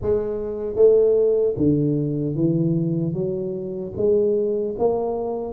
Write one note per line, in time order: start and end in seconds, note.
0.01 0.75 G#3
0.75 1.54 A3
1.56 2.35 D3
2.35 3.13 E3
3.13 3.92 F#3
3.96 4.75 G#3
4.78 5.53 A#3